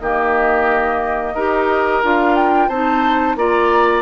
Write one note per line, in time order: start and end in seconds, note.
0.00 1.35 D#3
0.00 1.37 A#3
0.00 1.34 G4
0.00 2.02 D#5
1.34 2.02 D#4
1.34 2.03 G4
1.34 2.69 A#4
2.03 2.69 D4
2.03 2.71 F4
2.03 2.35 F5
2.35 2.69 G5
2.69 3.36 C4
2.69 3.37 D#4
2.69 3.36 C5
2.69 3.36 A5
3.36 4.02 A#3
3.36 4.02 F4
3.36 4.02 D5
3.36 4.02 A#5